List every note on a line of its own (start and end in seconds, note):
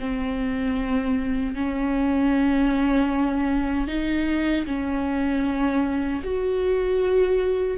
0.00 1.55 C4
1.55 3.88 C#4
3.88 4.66 D#4
4.66 6.22 C#4
6.24 7.78 F#4